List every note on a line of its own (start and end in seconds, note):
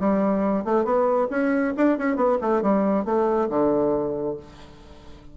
0.00 0.64 G3
0.64 0.85 A3
0.85 1.28 B3
1.30 1.74 C#4
1.77 1.98 D4
1.98 2.16 C#4
2.16 2.38 B3
2.41 2.62 A3
2.62 3.05 G3
3.05 3.49 A3
3.50 4.37 D3